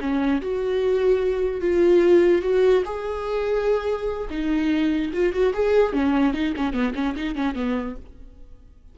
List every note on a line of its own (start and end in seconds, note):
0.00 0.41 C#4
0.41 1.61 F#4
1.61 2.42 F4
2.42 2.83 F#4
2.85 4.28 G#4
4.30 5.11 D#4
5.13 5.33 F4
5.33 5.53 F#4
5.53 5.93 G#4
5.93 6.33 C#4
6.34 6.54 D#4
6.56 6.73 C#4
6.73 6.94 B3
6.95 7.15 C#4
7.16 7.35 D#4
7.35 7.55 C#4
7.55 7.96 B3